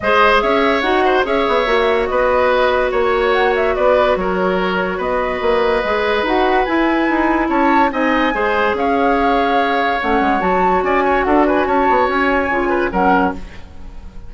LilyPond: <<
  \new Staff \with { instrumentName = "flute" } { \time 4/4 \tempo 4 = 144 dis''4 e''4 fis''4 e''4~ | e''4 dis''2 cis''4 | fis''8 e''8 d''4 cis''2 | dis''2. fis''4 |
gis''2 a''4 gis''4~ | gis''4 f''2. | fis''4 a''4 gis''4 fis''8 gis''8 | a''4 gis''2 fis''4 | }
  \new Staff \with { instrumentName = "oboe" } { \time 4/4 c''4 cis''4. c''8 cis''4~ | cis''4 b'2 cis''4~ | cis''4 b'4 ais'2 | b'1~ |
b'2 cis''4 dis''4 | c''4 cis''2.~ | cis''2 d''8 cis''8 a'8 b'8 | cis''2~ cis''8 b'8 ais'4 | }
  \new Staff \with { instrumentName = "clarinet" } { \time 4/4 gis'2 fis'4 gis'4 | fis'1~ | fis'1~ | fis'2 gis'4 fis'4 |
e'2. dis'4 | gis'1 | cis'4 fis'2.~ | fis'2 f'4 cis'4 | }
  \new Staff \with { instrumentName = "bassoon" } { \time 4/4 gis4 cis'4 dis'4 cis'8 b8 | ais4 b2 ais4~ | ais4 b4 fis2 | b4 ais4 gis4 dis'4 |
e'4 dis'4 cis'4 c'4 | gis4 cis'2. | a8 gis8 fis4 cis'4 d'4 | cis'8 b8 cis'4 cis4 fis4 | }
>>